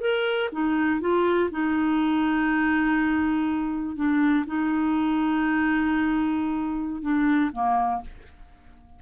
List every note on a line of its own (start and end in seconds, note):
0.00 0.49 A#4
0.52 1.00 D#4
1.00 1.49 F4
1.50 3.95 D#4
3.95 4.45 D4
4.46 7.01 D#4
7.01 7.50 D4
7.52 8.01 A#3